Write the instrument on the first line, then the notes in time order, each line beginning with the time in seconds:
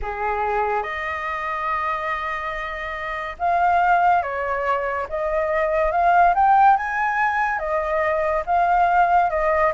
flute
0.02 G#4
0.83 D#5
3.38 F5
4.22 C#5
5.09 D#5
5.91 F5
6.35 G5
6.76 G#5
7.58 D#5
8.45 F5
9.30 D#5